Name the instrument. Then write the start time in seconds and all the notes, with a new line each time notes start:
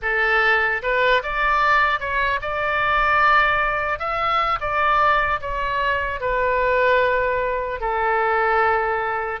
oboe
0.01 A4
0.82 B4
1.22 D5
2.00 C#5
2.41 D5
3.99 E5
4.60 D5
5.40 C#5
6.20 B4
7.80 A4